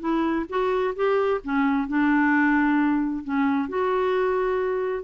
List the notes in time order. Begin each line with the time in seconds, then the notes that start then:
0.00 E4
0.49 F#4
0.96 G4
1.44 C#4
1.88 D4
3.24 C#4
3.69 F#4